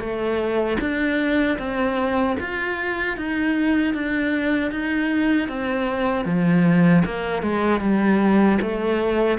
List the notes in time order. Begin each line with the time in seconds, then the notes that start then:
0.00 A3
0.81 D4
1.59 C4
2.40 F4
3.18 D#4
3.95 D4
4.72 D#4
5.49 C4
6.26 F3
7.06 A#3
7.43 G#3
7.81 G3
8.62 A3